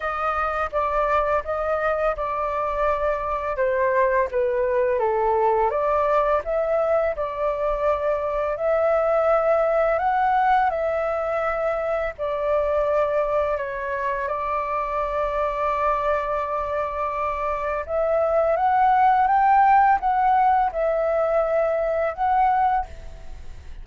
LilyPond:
\new Staff \with { instrumentName = "flute" } { \time 4/4 \tempo 4 = 84 dis''4 d''4 dis''4 d''4~ | d''4 c''4 b'4 a'4 | d''4 e''4 d''2 | e''2 fis''4 e''4~ |
e''4 d''2 cis''4 | d''1~ | d''4 e''4 fis''4 g''4 | fis''4 e''2 fis''4 | }